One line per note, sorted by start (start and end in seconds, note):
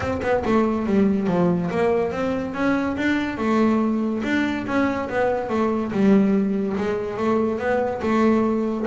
0.00 0.20 C4
0.22 0.43 B3
0.45 0.85 A3
0.85 1.27 G3
1.27 1.69 F3
1.70 2.11 A#3
2.11 2.54 C4
2.54 2.96 C#4
2.97 3.37 D4
3.37 4.22 A3
4.23 4.65 D4
4.66 5.09 C#4
5.09 5.49 B3
5.49 5.91 A3
5.92 6.76 G3
6.77 7.17 G#3
7.17 7.58 A3
7.58 8.01 B3
8.02 8.86 A3